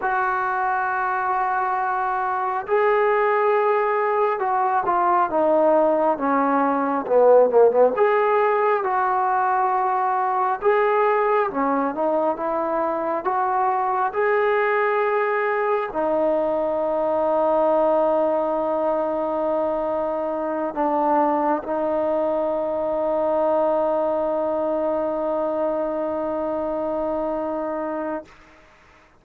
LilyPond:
\new Staff \with { instrumentName = "trombone" } { \time 4/4 \tempo 4 = 68 fis'2. gis'4~ | gis'4 fis'8 f'8 dis'4 cis'4 | b8 ais16 b16 gis'4 fis'2 | gis'4 cis'8 dis'8 e'4 fis'4 |
gis'2 dis'2~ | dis'2.~ dis'8 d'8~ | d'8 dis'2.~ dis'8~ | dis'1 | }